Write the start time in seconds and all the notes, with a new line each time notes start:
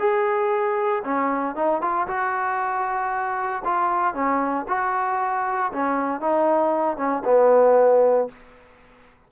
0.00 G#4
1.05 C#4
1.56 D#4
1.82 F4
2.08 F#4
3.65 F4
4.15 C#4
4.69 F#4
5.73 C#4
6.21 D#4
6.97 C#4
7.25 B3